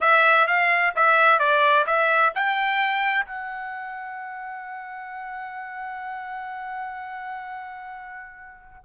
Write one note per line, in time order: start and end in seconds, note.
0.01 0.47 E5
0.47 0.93 F5
0.95 1.39 E5
1.39 1.85 D5
1.86 2.33 E5
2.34 3.25 G5
3.25 8.83 F#5